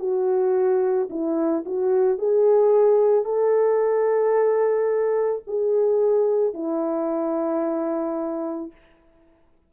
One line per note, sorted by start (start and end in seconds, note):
0.00 1.09 F#4
1.10 1.65 E4
1.66 2.19 F#4
2.19 3.25 G#4
3.25 5.43 A4
5.47 6.54 G#4
6.54 8.72 E4